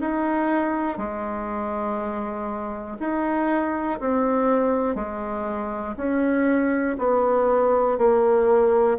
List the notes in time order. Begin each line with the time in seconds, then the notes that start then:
0.00 D#4
0.98 G#3
3.00 D#4
4.00 C4
4.95 G#3
5.97 C#4
6.98 B3
7.98 A#3